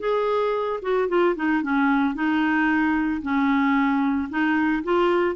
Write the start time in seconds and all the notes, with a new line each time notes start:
0.00 G#4
0.82 F#4
1.09 F4
1.36 D#4
1.63 C#4
2.15 D#4
3.22 C#4
4.30 D#4
4.84 F4